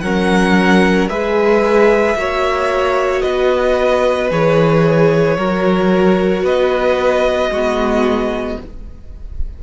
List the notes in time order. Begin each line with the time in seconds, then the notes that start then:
0.00 F#3 C#4 A#4 F#5
1.09 G#3 G#4 B4 E5
2.15 A#3 F#4 C#5
3.21 B3 B4 D#5
4.30 E3 G#4 C#5
5.37 F#3 F#4 A#4
6.42 B3 B4 D#5
7.49 G#3 F#4
7.55 B3